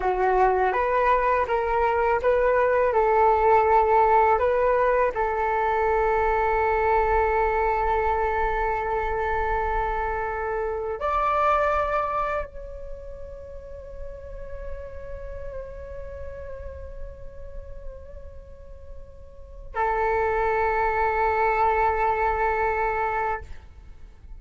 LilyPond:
\new Staff \with { instrumentName = "flute" } { \time 4/4 \tempo 4 = 82 fis'4 b'4 ais'4 b'4 | a'2 b'4 a'4~ | a'1~ | a'2. d''4~ |
d''4 cis''2.~ | cis''1~ | cis''2. a'4~ | a'1 | }